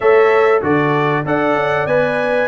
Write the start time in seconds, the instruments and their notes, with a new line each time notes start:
0.00 tuba A3, trombone A4, horn C#5, trumpet E5
0.62 tuba D3, trombone F#4, horn A4, trumpet D5
1.24 tuba D4, trombone A4, horn D5, trumpet F#5
1.55 tuba C#4
1.86 tuba B3, trombone B4, trumpet G#5